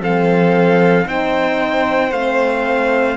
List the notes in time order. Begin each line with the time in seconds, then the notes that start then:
0.00 F3 C4 A4 F5
1.05 C4 D#4 C5 G5
2.12 A3 C4 F5